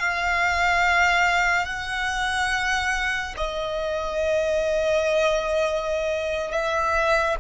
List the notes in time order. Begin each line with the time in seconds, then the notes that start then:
0.00 F5
1.66 F#5
3.37 D#5
6.51 E5